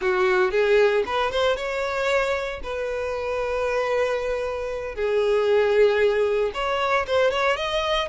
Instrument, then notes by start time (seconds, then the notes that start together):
violin
0.01 F#4
0.51 G#4
1.06 B4
1.31 C5
1.56 C#5
2.63 B4
4.95 G#4
6.54 C#5
7.06 C5
7.30 C#5
7.56 D#5